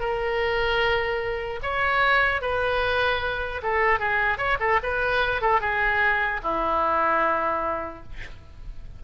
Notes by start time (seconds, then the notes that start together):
0.00 A#4
1.63 C#5
2.41 B4
3.63 A4
3.99 G#4
4.38 C#5
4.60 A4
4.83 B4
5.41 A4
5.61 G#4
6.43 E4